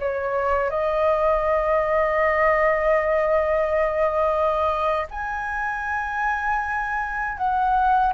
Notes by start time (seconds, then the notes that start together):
0.00 C#5
0.70 D#5
5.11 G#5
7.38 F#5